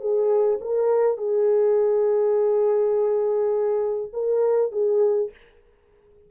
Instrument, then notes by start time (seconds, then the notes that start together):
horn
0.00 G#4
0.61 A#4
1.17 G#4
4.13 A#4
4.72 G#4